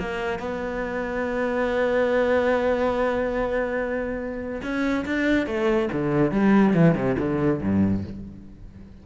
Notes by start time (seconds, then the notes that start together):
0.00 A#3
0.39 B3
4.63 C#4
5.06 D4
5.47 A3
5.93 D3
6.32 G3
6.74 E3
6.96 C3
7.19 D3
7.62 G2